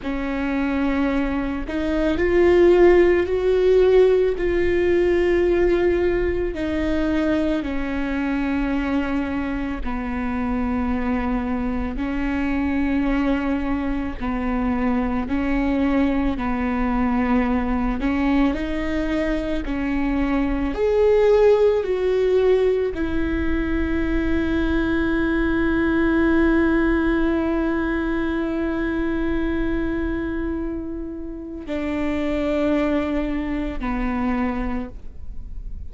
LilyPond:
\new Staff \with { instrumentName = "viola" } { \time 4/4 \tempo 4 = 55 cis'4. dis'8 f'4 fis'4 | f'2 dis'4 cis'4~ | cis'4 b2 cis'4~ | cis'4 b4 cis'4 b4~ |
b8 cis'8 dis'4 cis'4 gis'4 | fis'4 e'2.~ | e'1~ | e'4 d'2 b4 | }